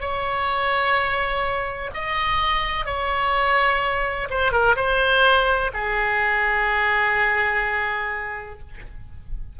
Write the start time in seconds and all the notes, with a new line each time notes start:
0.00 C#5
1.94 D#5
2.85 C#5
4.29 C5
4.52 A#4
4.75 C5
5.73 G#4